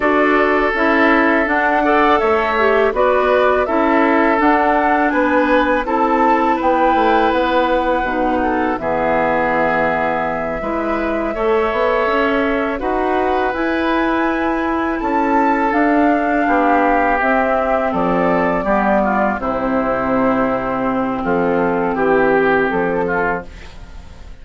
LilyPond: <<
  \new Staff \with { instrumentName = "flute" } { \time 4/4 \tempo 4 = 82 d''4 e''4 fis''4 e''4 | d''4 e''4 fis''4 gis''4 | a''4 g''4 fis''2 | e''1~ |
e''4. fis''4 gis''4.~ | gis''8 a''4 f''2 e''8~ | e''8 d''2 c''4.~ | c''4 a'4 g'4 a'4 | }
  \new Staff \with { instrumentName = "oboe" } { \time 4/4 a'2~ a'8 d''8 cis''4 | b'4 a'2 b'4 | a'4 b'2~ b'8 a'8 | gis'2~ gis'8 b'4 cis''8~ |
cis''4. b'2~ b'8~ | b'8 a'2 g'4.~ | g'8 a'4 g'8 f'8 e'4.~ | e'4 f'4 g'4. f'8 | }
  \new Staff \with { instrumentName = "clarinet" } { \time 4/4 fis'4 e'4 d'8 a'4 g'8 | fis'4 e'4 d'2 | e'2. dis'4 | b2~ b8 e'4 a'8~ |
a'4. fis'4 e'4.~ | e'4. d'2 c'8~ | c'4. b4 c'4.~ | c'1 | }
  \new Staff \with { instrumentName = "bassoon" } { \time 4/4 d'4 cis'4 d'4 a4 | b4 cis'4 d'4 b4 | c'4 b8 a8 b4 b,4 | e2~ e8 gis4 a8 |
b8 cis'4 dis'4 e'4.~ | e'8 cis'4 d'4 b4 c'8~ | c'8 f4 g4 c4.~ | c4 f4 e4 f4 | }
>>